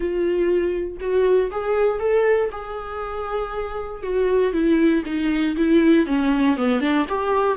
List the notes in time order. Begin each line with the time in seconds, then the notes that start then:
0.00 F4
1.00 F#4
1.51 G#4
1.99 A4
2.51 G#4
4.02 F#4
4.52 E4
5.05 D#4
5.56 E4
6.06 C#4
6.56 B3
6.81 D4
7.08 G4